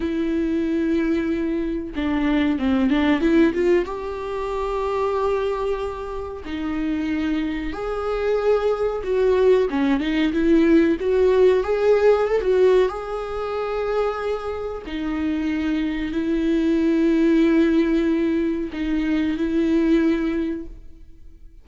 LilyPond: \new Staff \with { instrumentName = "viola" } { \time 4/4 \tempo 4 = 93 e'2. d'4 | c'8 d'8 e'8 f'8 g'2~ | g'2 dis'2 | gis'2 fis'4 cis'8 dis'8 |
e'4 fis'4 gis'4 a'16 fis'8. | gis'2. dis'4~ | dis'4 e'2.~ | e'4 dis'4 e'2 | }